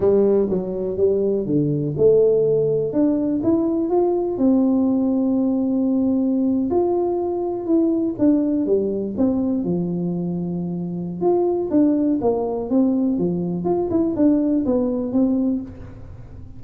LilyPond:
\new Staff \with { instrumentName = "tuba" } { \time 4/4 \tempo 4 = 123 g4 fis4 g4 d4 | a2 d'4 e'4 | f'4 c'2.~ | c'4.~ c'16 f'2 e'16~ |
e'8. d'4 g4 c'4 f16~ | f2. f'4 | d'4 ais4 c'4 f4 | f'8 e'8 d'4 b4 c'4 | }